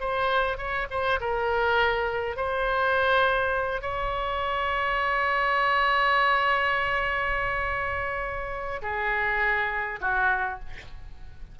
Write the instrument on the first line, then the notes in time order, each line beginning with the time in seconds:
oboe
0.00 C5
0.57 C#5
0.90 C5
1.20 A#4
2.36 C5
3.82 C#5
8.82 G#4
10.01 F#4